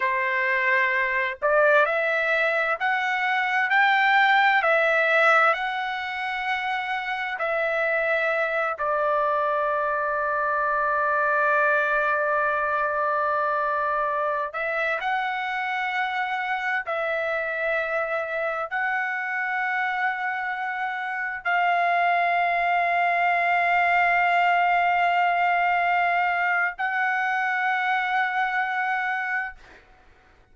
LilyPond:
\new Staff \with { instrumentName = "trumpet" } { \time 4/4 \tempo 4 = 65 c''4. d''8 e''4 fis''4 | g''4 e''4 fis''2 | e''4. d''2~ d''8~ | d''2.~ d''8. e''16~ |
e''16 fis''2 e''4.~ e''16~ | e''16 fis''2. f''8.~ | f''1~ | f''4 fis''2. | }